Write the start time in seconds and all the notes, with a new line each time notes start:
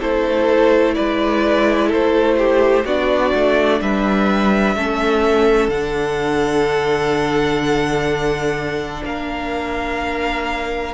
0.00 A3 E4 A4 C5
0.95 G#3 B4 D5
1.88 A4 C5
1.94 A3
2.38 G4
2.85 B3 D4 F#4 D5
3.35 A3
3.81 G3 B4 E5
4.76 A3 C#4 A4
5.69 D3 D4 F#5
9.04 A#3 A#4 F5